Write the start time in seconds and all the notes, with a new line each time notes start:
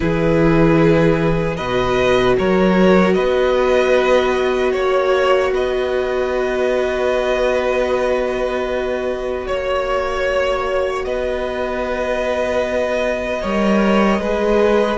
0.00 E3 E4 G#4 B4
1.56 B2 F#4 B4 D#5
2.38 F#3 A#4 C#5
3.13 B3 B4 D#5
4.72 A#3 C#5
5.51 B3 B4 D#5
9.47 A#3 C#5
11.04 B3 B4 D#5
13.41 G3 A#4 C#5
14.19 G#3 G#4 B4